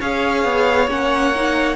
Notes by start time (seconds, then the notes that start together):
0.00 C#4 G#4 C#5 F5
0.44 B3
0.87 A#3 C#4 F#5
1.35 D#4